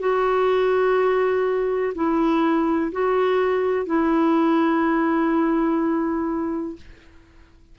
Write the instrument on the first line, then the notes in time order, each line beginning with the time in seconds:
clarinet
0.00 F#4
1.95 E4
2.92 F#4
3.86 E4